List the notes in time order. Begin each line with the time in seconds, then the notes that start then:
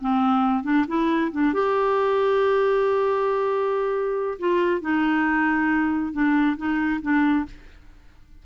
0.00 C4
0.63 D4
0.87 E4
1.31 D4
1.53 G4
4.39 F4
4.81 D#4
6.12 D4
6.57 D#4
7.02 D4